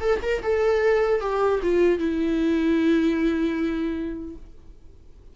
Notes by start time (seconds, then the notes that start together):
0.00 A4
0.22 A#4
0.43 A4
1.21 G4
1.63 F4
1.98 E4